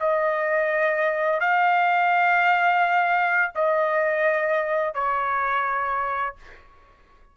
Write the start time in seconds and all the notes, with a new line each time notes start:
0.00 D#5
1.40 F5
3.55 D#5
4.94 C#5